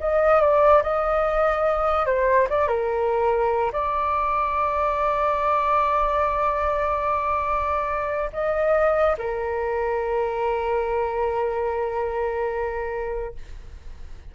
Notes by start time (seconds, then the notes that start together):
0.00 D#5
0.41 D5
0.83 D#5
2.06 C5
2.50 D5
2.67 A#4
3.72 D5
8.33 D#5
9.18 A#4